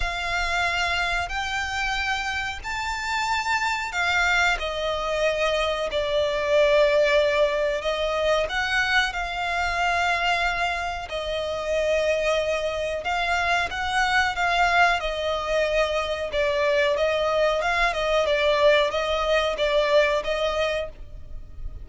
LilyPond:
\new Staff \with { instrumentName = "violin" } { \time 4/4 \tempo 4 = 92 f''2 g''2 | a''2 f''4 dis''4~ | dis''4 d''2. | dis''4 fis''4 f''2~ |
f''4 dis''2. | f''4 fis''4 f''4 dis''4~ | dis''4 d''4 dis''4 f''8 dis''8 | d''4 dis''4 d''4 dis''4 | }